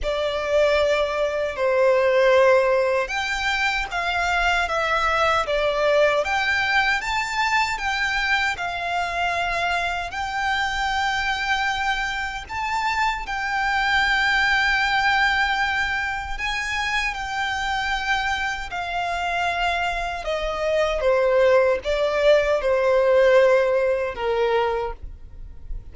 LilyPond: \new Staff \with { instrumentName = "violin" } { \time 4/4 \tempo 4 = 77 d''2 c''2 | g''4 f''4 e''4 d''4 | g''4 a''4 g''4 f''4~ | f''4 g''2. |
a''4 g''2.~ | g''4 gis''4 g''2 | f''2 dis''4 c''4 | d''4 c''2 ais'4 | }